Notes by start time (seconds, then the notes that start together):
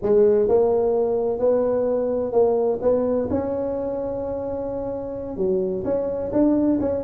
0.02 G#3
0.48 A#3
1.39 B3
2.32 A#3
2.81 B3
3.30 C#4
5.36 F#3
5.84 C#4
6.32 D4
6.80 C#4